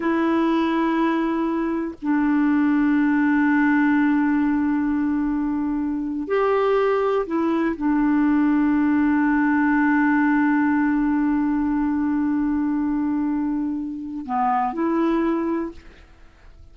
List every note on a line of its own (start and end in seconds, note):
0.00 1.94 E4
2.02 6.27 D4
6.27 7.25 G4
7.26 7.75 E4
7.76 14.25 D4
14.25 14.73 B3
14.73 15.71 E4